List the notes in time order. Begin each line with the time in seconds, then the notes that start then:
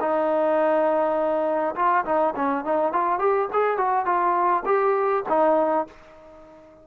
0.00 D#4
1.76 F4
2.05 D#4
2.36 C#4
2.65 D#4
2.92 F4
3.19 G4
3.53 G#4
3.77 F#4
4.05 F4
4.65 G4
5.29 D#4